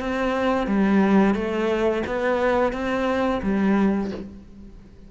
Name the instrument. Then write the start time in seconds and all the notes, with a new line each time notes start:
cello
0.00 C4
0.67 G3
1.35 A3
2.07 B3
2.73 C4
3.43 G3